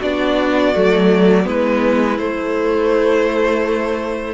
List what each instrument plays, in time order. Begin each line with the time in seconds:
0.00 cello B3, viola D4, violin F#4 D5
0.75 cello F#3, viola A3
1.44 cello G#3, viola B3, violin E4 B4
2.19 cello A3, viola A3, violin C5